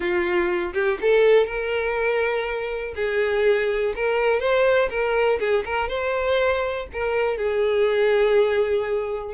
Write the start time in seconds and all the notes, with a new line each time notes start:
0.00 F4
0.73 G4
1.01 A4
1.46 A#4
2.95 G#4
3.95 A#4
4.39 C5
4.90 A#4
5.39 G#4
5.65 A#4
5.88 C5
6.92 A#4
7.37 G#4